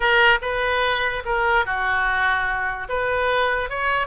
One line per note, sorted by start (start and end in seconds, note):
0.00 0.38 A#4
0.41 1.23 B4
1.25 1.65 A#4
1.65 2.88 F#4
2.88 3.69 B4
3.69 4.07 C#5